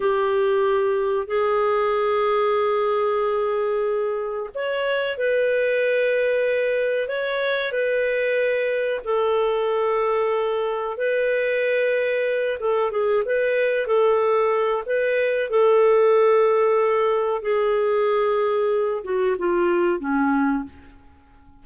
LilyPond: \new Staff \with { instrumentName = "clarinet" } { \time 4/4 \tempo 4 = 93 g'2 gis'2~ | gis'2. cis''4 | b'2. cis''4 | b'2 a'2~ |
a'4 b'2~ b'8 a'8 | gis'8 b'4 a'4. b'4 | a'2. gis'4~ | gis'4. fis'8 f'4 cis'4 | }